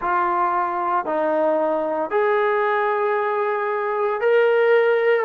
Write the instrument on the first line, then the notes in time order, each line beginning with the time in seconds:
trombone
0.00 F4
1.05 D#4
2.10 G#4
4.21 A#4